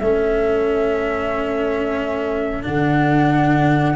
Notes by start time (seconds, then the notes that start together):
0.00 A3 C#4 A4 E5
2.64 D3 D4 F#5